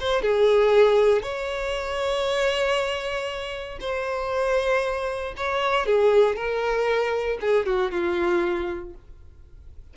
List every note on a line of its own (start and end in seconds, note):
0.00 0.22 C5
0.22 1.23 G#4
1.23 3.79 C#5
3.81 5.34 C5
5.37 5.86 C#5
5.86 6.36 G#4
6.36 7.38 A#4
7.41 7.66 G#4
7.66 7.91 F#4
7.91 8.94 F4